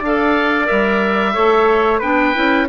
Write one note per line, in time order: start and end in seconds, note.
0.00 0.68 D4
0.00 0.66 A4
0.00 1.33 D5
0.00 0.67 F5
0.66 1.36 G3
0.66 1.33 A#4
0.66 2.00 E5
1.33 2.02 A3
1.33 2.00 A4
1.33 1.99 C#5
1.99 2.35 B3
1.99 2.34 D4
1.99 2.66 B4
1.99 2.68 G5
2.34 2.69 C#4
2.34 2.68 E4